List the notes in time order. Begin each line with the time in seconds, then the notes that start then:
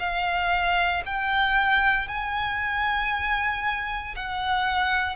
0.00 F5
1.06 G5
2.09 G#5
4.16 F#5